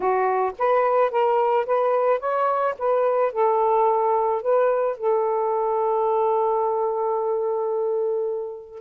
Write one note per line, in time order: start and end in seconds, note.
0.00 0.52 F#4
0.58 1.10 B4
1.10 1.65 A#4
1.66 2.19 B4
2.19 2.74 C#5
2.78 3.32 B4
3.32 4.42 A4
4.42 4.97 B4
4.97 8.81 A4